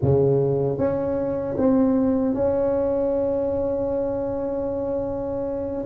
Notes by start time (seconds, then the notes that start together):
0.02 C#3
0.78 C#4
1.57 C4
2.34 C#4